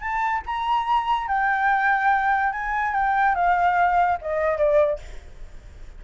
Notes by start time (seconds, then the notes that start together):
0.00 A5
0.46 A#5
1.27 G5
2.52 G#5
2.94 G5
3.35 F5
4.21 D#5
4.57 D5